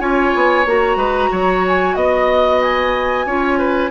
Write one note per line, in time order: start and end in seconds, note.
0.00 0.33 C#4
0.00 0.65 F4
0.00 0.98 C#5
0.00 0.65 G#5
0.35 0.66 B3
0.66 0.96 A#3
0.66 3.28 F#4
0.66 1.66 A#5
0.96 1.29 G#3
0.96 1.30 B4
1.32 1.96 F#3
1.32 1.96 C#5
1.68 1.96 G#5
1.96 3.26 B3
1.96 2.61 D#5
1.96 3.27 D#5
2.62 3.91 G#5
3.26 3.91 C#4
3.26 3.91 F4
3.26 3.59 C#5
3.59 3.91 B4